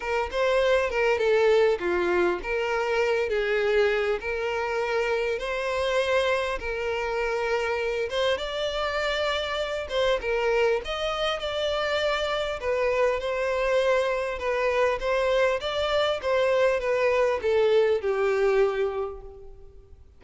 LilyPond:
\new Staff \with { instrumentName = "violin" } { \time 4/4 \tempo 4 = 100 ais'8 c''4 ais'8 a'4 f'4 | ais'4. gis'4. ais'4~ | ais'4 c''2 ais'4~ | ais'4. c''8 d''2~ |
d''8 c''8 ais'4 dis''4 d''4~ | d''4 b'4 c''2 | b'4 c''4 d''4 c''4 | b'4 a'4 g'2 | }